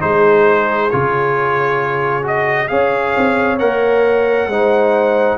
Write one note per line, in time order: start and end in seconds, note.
0.00 0.92 G#3
0.00 0.90 D#4
0.00 2.70 G#4
0.00 0.90 C5
0.90 2.71 C#3
0.90 2.22 F4
0.90 2.24 C#5
2.22 2.67 F#4
2.22 2.67 D#5
2.67 3.15 C#4
2.67 3.57 G#4
2.67 4.49 C#5
2.67 3.57 F5
3.16 3.61 C4
3.59 4.47 A#3
3.59 4.49 A#4
3.59 5.37 F#5
4.47 5.36 G#3
4.47 5.37 D#4
4.47 5.37 C5